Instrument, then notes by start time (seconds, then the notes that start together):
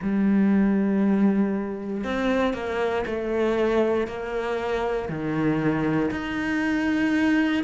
cello
0.02 G3
2.03 C4
2.53 A#3
3.06 A3
4.07 A#3
5.08 D#3
6.11 D#4